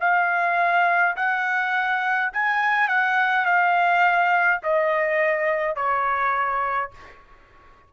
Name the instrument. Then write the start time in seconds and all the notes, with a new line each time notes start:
trumpet
0.00 F5
1.16 F#5
2.33 G#5
2.87 F#5
3.45 F5
4.63 D#5
5.75 C#5